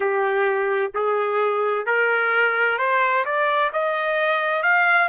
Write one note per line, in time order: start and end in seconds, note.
0.00 0.92 G4
0.94 1.85 G#4
1.85 2.78 A#4
2.78 3.24 C5
3.25 3.71 D5
3.73 4.62 D#5
4.62 5.08 F5